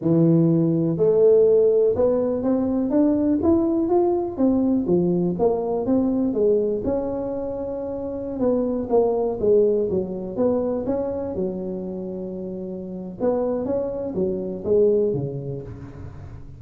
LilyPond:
\new Staff \with { instrumentName = "tuba" } { \time 4/4 \tempo 4 = 123 e2 a2 | b4 c'4 d'4 e'4 | f'4 c'4 f4 ais4 | c'4 gis4 cis'2~ |
cis'4~ cis'16 b4 ais4 gis8.~ | gis16 fis4 b4 cis'4 fis8.~ | fis2. b4 | cis'4 fis4 gis4 cis4 | }